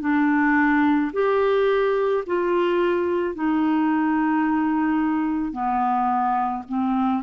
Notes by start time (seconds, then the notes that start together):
0.00 D4
1.13 G4
2.26 F4
3.34 D#4
5.52 B3
6.68 C4